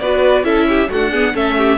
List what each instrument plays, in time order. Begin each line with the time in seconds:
0.00 cello B3, viola F#4, violin B4 D5
0.44 cello C#4, viola E4, violin A4 E5
0.69 violin G4
0.90 viola A3, cello D4, violin F#4 F#5
1.11 viola B3, violin G#4
1.34 cello A3, viola C#4, violin A4 E5
1.58 violin G4